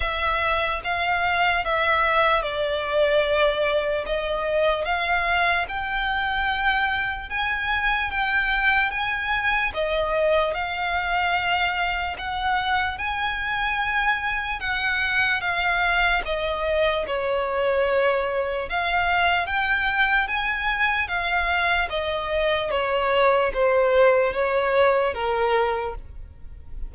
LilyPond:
\new Staff \with { instrumentName = "violin" } { \time 4/4 \tempo 4 = 74 e''4 f''4 e''4 d''4~ | d''4 dis''4 f''4 g''4~ | g''4 gis''4 g''4 gis''4 | dis''4 f''2 fis''4 |
gis''2 fis''4 f''4 | dis''4 cis''2 f''4 | g''4 gis''4 f''4 dis''4 | cis''4 c''4 cis''4 ais'4 | }